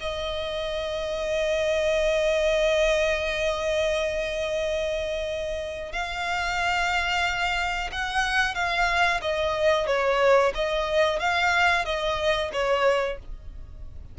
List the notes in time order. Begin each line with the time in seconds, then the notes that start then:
0.00 D#5
5.92 F5
7.91 F#5
8.54 F5
9.21 D#5
9.86 C#5
10.54 D#5
11.19 F5
11.84 D#5
12.52 C#5